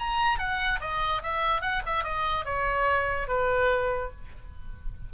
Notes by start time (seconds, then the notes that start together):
0.00 A#5
0.39 F#5
0.81 D#5
1.23 E5
1.62 F#5
1.86 E5
2.04 D#5
2.45 C#5
3.28 B4